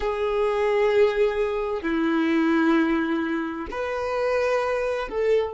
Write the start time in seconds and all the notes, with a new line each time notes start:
0.00 G#4
1.82 E4
3.70 B4
5.09 A4